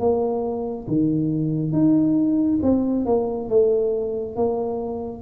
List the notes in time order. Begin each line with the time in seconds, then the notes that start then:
0.00 A#3
0.88 D#3
1.73 D#4
2.63 C4
3.06 A#3
3.49 A3
4.36 A#3